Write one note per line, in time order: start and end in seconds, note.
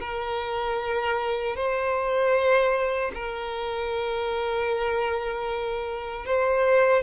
0.00 1.56 A#4
1.56 3.12 C5
3.14 6.26 A#4
6.26 7.02 C5